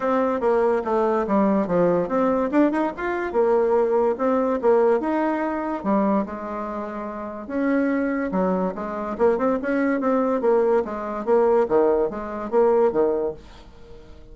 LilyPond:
\new Staff \with { instrumentName = "bassoon" } { \time 4/4 \tempo 4 = 144 c'4 ais4 a4 g4 | f4 c'4 d'8 dis'8 f'4 | ais2 c'4 ais4 | dis'2 g4 gis4~ |
gis2 cis'2 | fis4 gis4 ais8 c'8 cis'4 | c'4 ais4 gis4 ais4 | dis4 gis4 ais4 dis4 | }